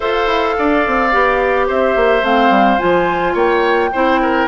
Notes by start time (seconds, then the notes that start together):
0.00 F4 A4 C5 F5
0.26 E4
0.58 D4 D5
0.86 C4
1.12 B3 G4
1.67 C4 C5 E5
1.96 A#3
2.22 A3 C4 F5
2.49 G3
2.78 F3 F4 G#5
3.33 A#3 C#5 G5
3.92 C4 E4 C5
4.21 A#4